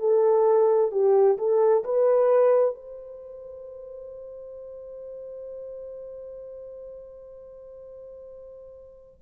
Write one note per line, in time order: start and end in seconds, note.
0.00 0.92 A4
0.92 1.38 G4
1.38 1.84 A4
1.85 2.75 B4
2.75 9.21 C5